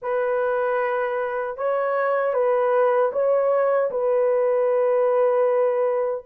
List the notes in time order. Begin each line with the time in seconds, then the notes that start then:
0.01 B4
1.57 C#5
2.33 B4
3.12 C#5
3.90 B4